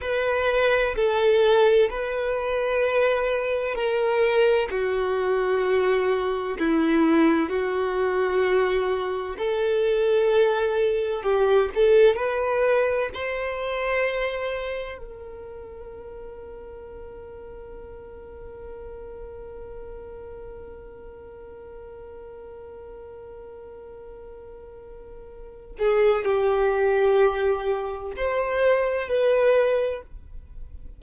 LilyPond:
\new Staff \with { instrumentName = "violin" } { \time 4/4 \tempo 4 = 64 b'4 a'4 b'2 | ais'4 fis'2 e'4 | fis'2 a'2 | g'8 a'8 b'4 c''2 |
ais'1~ | ais'1~ | ais'2.~ ais'8 gis'8 | g'2 c''4 b'4 | }